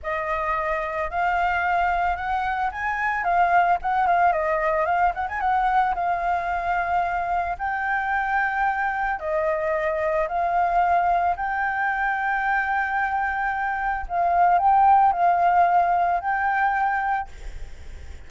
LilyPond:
\new Staff \with { instrumentName = "flute" } { \time 4/4 \tempo 4 = 111 dis''2 f''2 | fis''4 gis''4 f''4 fis''8 f''8 | dis''4 f''8 fis''16 gis''16 fis''4 f''4~ | f''2 g''2~ |
g''4 dis''2 f''4~ | f''4 g''2.~ | g''2 f''4 g''4 | f''2 g''2 | }